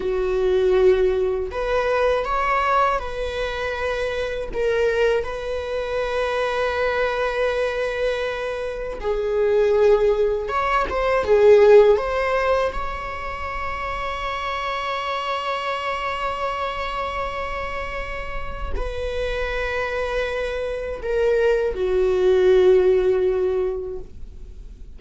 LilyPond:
\new Staff \with { instrumentName = "viola" } { \time 4/4 \tempo 4 = 80 fis'2 b'4 cis''4 | b'2 ais'4 b'4~ | b'1 | gis'2 cis''8 c''8 gis'4 |
c''4 cis''2.~ | cis''1~ | cis''4 b'2. | ais'4 fis'2. | }